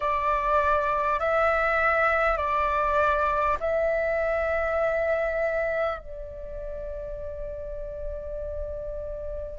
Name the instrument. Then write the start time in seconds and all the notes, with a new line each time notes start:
flute
0.00 D5
1.19 E5
2.37 D5
3.60 E5
5.98 D5